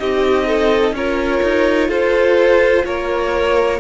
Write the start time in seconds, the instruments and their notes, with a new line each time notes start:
0.00 cello C4, viola D#4, violin G4 D#5
0.48 violin A4
0.93 cello C#4, viola F4, violin A#4 C#5
1.43 cello D#4
1.88 cello F4, violin A4 C5
2.86 cello A#3, violin A#4 C#5